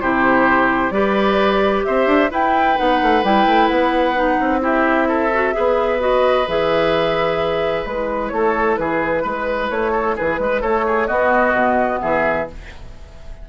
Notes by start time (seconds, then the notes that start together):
0.00 C3 E4 G4 C5
0.90 G3 G4 B4 D5
1.84 C4 C5 E5
2.06 D4
2.30 E4 B4 G5
2.76 B3 D#4 F#5
3.02 A3
3.23 G3 E4 G5
3.46 A3
3.68 B3 F#5
4.15 D#4
4.39 C4
4.60 E4 G4 E5
5.08 A4
5.34 F#4
5.53 B3 G#4 B4
5.99 F#4 D#5
6.47 E3 G#4 E5
7.85 G#3 E4 B4
8.28 A3 A4 C#5
8.76 E3 G#4 B4
9.23 G#3 B4
9.70 A3 C#5
9.91 A4
10.16 E3 G#4 B4
10.39 G#3 B4
10.61 A3 A4 C#5
10.87 G#4
11.07 B3 F#4 D#5
11.53 B2
12.01 E3 G#4 E5